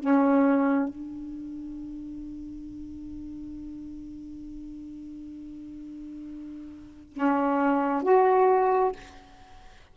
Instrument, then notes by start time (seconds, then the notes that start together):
saxophone
0.00 C#4
0.89 D4
7.13 C#4
8.03 F#4